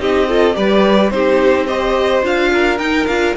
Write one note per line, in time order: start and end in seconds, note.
0.00 0.56 C4
0.00 0.28 D#4
0.00 0.29 G4
0.00 0.56 D#5
0.29 0.54 F4
0.29 0.57 A4
0.54 1.11 G3
0.54 1.10 G4
0.54 1.13 B4
0.54 1.11 D5
1.11 2.23 C4
1.11 1.68 D#4
1.11 1.67 G4
1.11 1.67 C5
1.67 2.23 G4
1.67 2.51 C5
1.67 2.23 D#5
2.23 2.79 D4
2.23 2.79 F4
2.23 2.79 F5
2.53 3.37 A#4
2.79 3.07 D#4
2.79 3.08 D#4
2.79 3.07 G5
3.07 3.36 D4
3.07 3.37 F4
3.07 3.35 F5